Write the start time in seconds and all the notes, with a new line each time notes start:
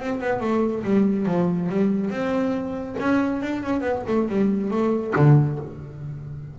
0.00 C4
0.21 B3
0.41 A3
0.84 G3
1.26 F3
1.69 G3
2.11 C4
3.00 C#4
3.42 D4
3.63 C#4
3.81 B3
4.08 A3
4.29 G3
4.71 A3
5.16 D3